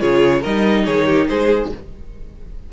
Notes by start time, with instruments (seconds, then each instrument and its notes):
0.00 cello C#3, viola F4, violin G#4 C#5
0.41 cello G3, viola D#4, violin A#4 D#5
0.85 cello D#3, violin G#4 C#5
1.06 violin G4
1.28 cello G#3, violin G#4 C5